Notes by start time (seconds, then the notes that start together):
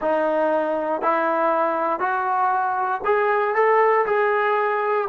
0.00 D#4
1.01 E4
1.99 F#4
3.05 G#4
3.55 A4
4.06 G#4